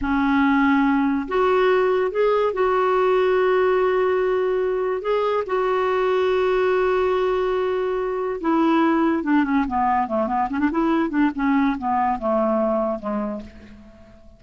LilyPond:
\new Staff \with { instrumentName = "clarinet" } { \time 4/4 \tempo 4 = 143 cis'2. fis'4~ | fis'4 gis'4 fis'2~ | fis'1 | gis'4 fis'2.~ |
fis'1 | e'2 d'8 cis'8 b4 | a8 b8 cis'16 d'16 e'4 d'8 cis'4 | b4 a2 gis4 | }